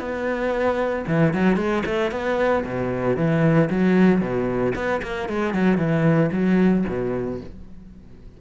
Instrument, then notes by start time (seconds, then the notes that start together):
cello
0.00 B3
1.07 E3
1.34 F#3
1.56 G#3
1.86 A3
2.11 B3
2.65 B2
3.17 E3
3.70 F#3
4.21 B2
4.75 B3
5.03 A#3
5.29 G#3
5.54 F#3
5.78 E3
6.32 F#3
6.88 B2